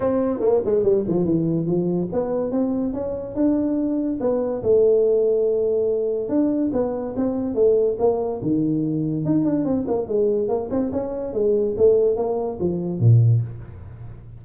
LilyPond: \new Staff \with { instrumentName = "tuba" } { \time 4/4 \tempo 4 = 143 c'4 ais8 gis8 g8 f8 e4 | f4 b4 c'4 cis'4 | d'2 b4 a4~ | a2. d'4 |
b4 c'4 a4 ais4 | dis2 dis'8 d'8 c'8 ais8 | gis4 ais8 c'8 cis'4 gis4 | a4 ais4 f4 ais,4 | }